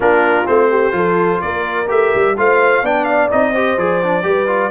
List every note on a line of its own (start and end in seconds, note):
0.00 0.45 A#3
0.00 0.45 D4
0.00 0.69 F4
0.00 0.46 A#4
0.45 0.92 A3
0.45 0.91 C4
0.45 1.41 C5
0.69 0.93 G4
0.91 1.39 F3
0.91 1.86 F4
0.91 1.41 A4
1.41 1.89 A#3
1.41 2.36 A#4
1.41 1.88 D5
1.88 2.12 A3
1.88 2.35 G4
1.88 2.37 E5
2.15 2.37 G3
2.37 2.82 A3
2.37 2.84 F4
2.37 2.83 C5
2.37 2.85 F5
2.82 3.29 B3
2.82 3.30 D4
2.82 3.52 D5
2.82 3.04 G5
3.04 3.28 F5
3.30 3.77 C4
3.30 3.54 D#4
3.30 3.79 D#5
3.52 3.78 G4
3.52 4.23 C5
3.77 4.24 F3
3.77 4.02 G#4
3.77 4.70 D5
4.03 4.22 D4
4.22 4.70 G3
4.22 4.46 G4
4.22 4.70 B4
4.47 4.70 F4